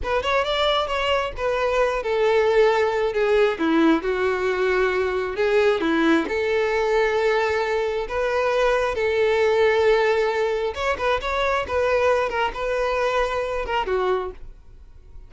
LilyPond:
\new Staff \with { instrumentName = "violin" } { \time 4/4 \tempo 4 = 134 b'8 cis''8 d''4 cis''4 b'4~ | b'8 a'2~ a'8 gis'4 | e'4 fis'2. | gis'4 e'4 a'2~ |
a'2 b'2 | a'1 | cis''8 b'8 cis''4 b'4. ais'8 | b'2~ b'8 ais'8 fis'4 | }